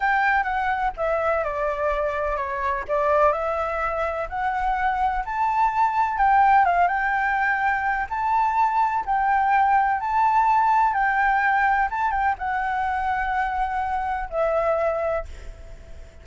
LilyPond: \new Staff \with { instrumentName = "flute" } { \time 4/4 \tempo 4 = 126 g''4 fis''4 e''4 d''4~ | d''4 cis''4 d''4 e''4~ | e''4 fis''2 a''4~ | a''4 g''4 f''8 g''4.~ |
g''4 a''2 g''4~ | g''4 a''2 g''4~ | g''4 a''8 g''8 fis''2~ | fis''2 e''2 | }